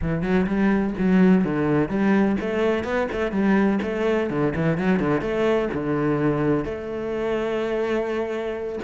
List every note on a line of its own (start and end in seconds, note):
0.01 0.22 E3
0.22 0.45 F#3
0.46 0.94 G3
0.98 1.44 F#3
1.44 1.88 D3
1.88 2.36 G3
2.40 2.83 A3
2.83 3.07 B3
3.11 3.31 A3
3.31 3.79 G3
3.82 4.29 A3
4.29 4.53 D3
4.55 4.77 E3
4.77 4.99 F#3
4.99 5.21 D3
5.21 5.68 A3
5.73 6.64 D3
6.64 8.79 A3